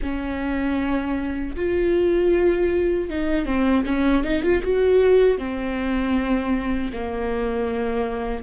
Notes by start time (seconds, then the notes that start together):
0.01 C#4
1.56 F4
3.09 D#4
3.45 C4
3.85 C#4
4.23 D#4
4.42 F4
4.62 F#4
5.38 C4
6.92 A#3